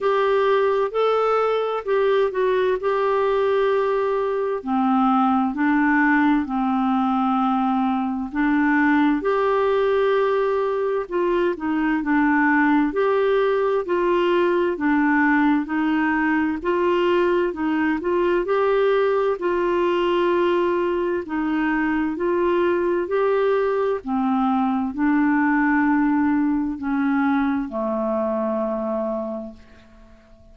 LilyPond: \new Staff \with { instrumentName = "clarinet" } { \time 4/4 \tempo 4 = 65 g'4 a'4 g'8 fis'8 g'4~ | g'4 c'4 d'4 c'4~ | c'4 d'4 g'2 | f'8 dis'8 d'4 g'4 f'4 |
d'4 dis'4 f'4 dis'8 f'8 | g'4 f'2 dis'4 | f'4 g'4 c'4 d'4~ | d'4 cis'4 a2 | }